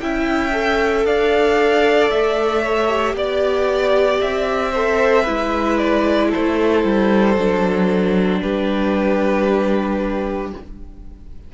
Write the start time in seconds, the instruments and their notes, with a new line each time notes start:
0.00 cello C#4, viola E4, violin E5 G5
0.51 viola A4
1.04 cello D4, violin D5 F5
2.10 cello A3, violin E5
2.61 violin C#5
2.88 viola G4
3.14 cello B3, violin D5
4.20 cello C4, violin E5
4.71 viola A4, violin C5
5.22 cello G#3, viola E4, violin B4
5.77 violin D5
6.29 violin A4 C5
6.36 cello A3
6.84 cello G3
7.36 cello F#3, viola D4
8.41 cello G3, violin G4 B4